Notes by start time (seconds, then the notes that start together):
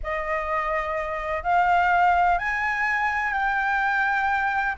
0.03 D#5
1.43 F5
2.38 G#5
3.32 G5